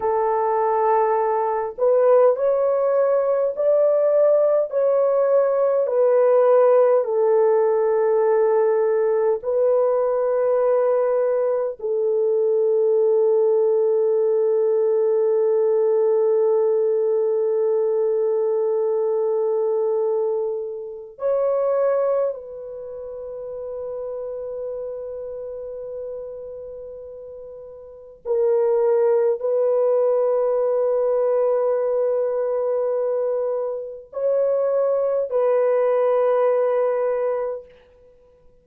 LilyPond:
\new Staff \with { instrumentName = "horn" } { \time 4/4 \tempo 4 = 51 a'4. b'8 cis''4 d''4 | cis''4 b'4 a'2 | b'2 a'2~ | a'1~ |
a'2 cis''4 b'4~ | b'1 | ais'4 b'2.~ | b'4 cis''4 b'2 | }